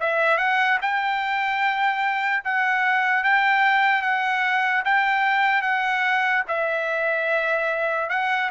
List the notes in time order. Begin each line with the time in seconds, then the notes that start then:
0.00 E5
0.38 F#5
0.82 G5
2.45 F#5
3.24 G5
4.02 F#5
4.85 G5
5.62 F#5
6.48 E5
8.10 F#5